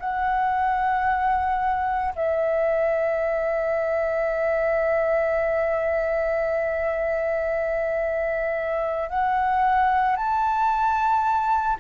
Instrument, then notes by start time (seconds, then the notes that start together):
flute
0.00 F#5
2.16 E5
9.10 F#5
10.16 A5